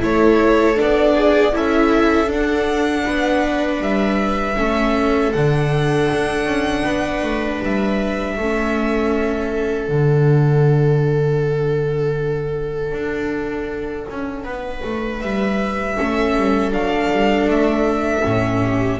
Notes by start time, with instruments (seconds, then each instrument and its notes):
0.00 double bass A3, viola E4 A4, violin C#5
0.76 double bass B3, viola D4, violin D5
1.15 viola G#4
1.53 double bass C#4, viola E4 A4, violin E5
2.28 viola D4, double bass D4, violin F#5
3.06 double bass B3, viola B4
3.81 double bass G3, violin E5
4.57 double bass A3, viola C#4 A4
5.33 double bass D3, viola D4, violin F#5
6.14 double bass D4
6.45 double bass C#4
6.84 double bass B3, viola B4
7.23 double bass A3
7.62 double bass G3, violin E5
8.37 double bass A3, viola C#4 A4
9.88 double bass D3, viola D4, violin F#5
12.92 double bass D4
14.10 double bass C#4
14.44 double bass B3, viola B4
14.84 double bass A3
15.21 double bass G3, violin E5
15.98 double bass A3, viola C#4 A4
16.36 double bass G3
16.72 double bass F#3, viola D4, violin F5
17.12 double bass G3
17.47 double bass A3, violin E5
18.23 double bass A2, viola C#4
18.64 viola G4